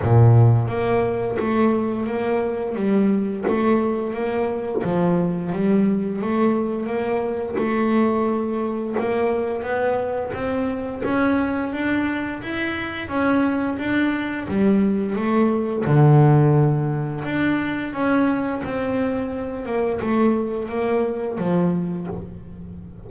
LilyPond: \new Staff \with { instrumentName = "double bass" } { \time 4/4 \tempo 4 = 87 ais,4 ais4 a4 ais4 | g4 a4 ais4 f4 | g4 a4 ais4 a4~ | a4 ais4 b4 c'4 |
cis'4 d'4 e'4 cis'4 | d'4 g4 a4 d4~ | d4 d'4 cis'4 c'4~ | c'8 ais8 a4 ais4 f4 | }